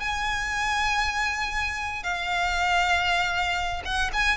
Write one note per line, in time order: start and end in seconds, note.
0.00 2.03 G#5
2.03 3.83 F5
3.85 4.11 F#5
4.13 4.38 G#5